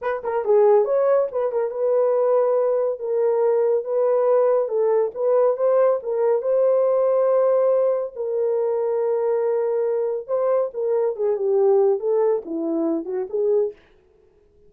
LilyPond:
\new Staff \with { instrumentName = "horn" } { \time 4/4 \tempo 4 = 140 b'8 ais'8 gis'4 cis''4 b'8 ais'8 | b'2. ais'4~ | ais'4 b'2 a'4 | b'4 c''4 ais'4 c''4~ |
c''2. ais'4~ | ais'1 | c''4 ais'4 gis'8 g'4. | a'4 e'4. fis'8 gis'4 | }